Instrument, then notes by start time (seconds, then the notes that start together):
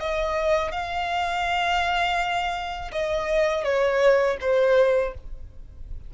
violin
0.00 D#5
0.72 F5
2.92 D#5
3.64 C#5
4.41 C5